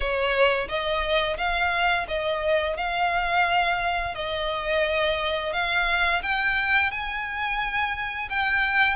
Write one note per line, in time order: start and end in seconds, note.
0.00 0.68 C#5
0.68 1.37 D#5
1.37 2.06 F5
2.08 2.76 D#5
2.76 4.14 F5
4.14 5.52 D#5
5.52 6.21 F5
6.22 6.91 G5
6.91 8.29 G#5
8.29 8.96 G5